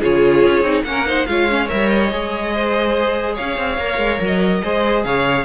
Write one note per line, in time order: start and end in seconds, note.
0.00 0.46 C#3
0.00 0.64 F4
0.00 0.84 G#4
0.00 0.84 C#5
0.46 0.62 C#4
0.62 0.83 C4
0.62 0.85 D#4
0.84 1.26 A#3
0.84 1.06 C#4
0.84 1.26 F#5
0.90 1.07 A#4
1.06 1.27 D#4
1.06 1.28 C5
1.26 1.70 G#3
1.26 1.50 F4
1.26 2.55 C#5
1.26 1.68 F5
1.50 1.68 C#4
1.68 2.13 G3
1.68 2.10 A#4
1.68 1.89 E5
1.89 3.36 D#5
2.11 3.38 G#3
2.11 3.79 G#4
2.55 3.35 C5
3.35 3.57 C#4
3.35 4.61 C#5
3.35 4.21 F5
3.57 3.78 C4
3.78 3.98 A#3
3.78 4.64 A#4
3.98 4.19 G#3
4.20 4.62 F#3
4.20 5.04 D#5
4.63 5.05 G#3
4.63 5.45 G#4
4.63 5.05 C5
5.04 5.45 C#3
5.04 5.45 C#5
5.04 5.45 F5